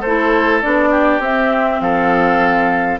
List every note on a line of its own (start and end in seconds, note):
0.00 0.63 A3
0.00 0.62 E4
0.00 0.89 A4
0.00 0.61 C5
0.62 1.19 B3
0.62 1.21 D4
0.62 1.21 D5
0.90 1.80 G4
1.19 1.79 C4
1.19 3.00 C4
1.19 1.80 E5
1.80 2.99 F3
1.80 3.00 A4
1.80 2.99 F5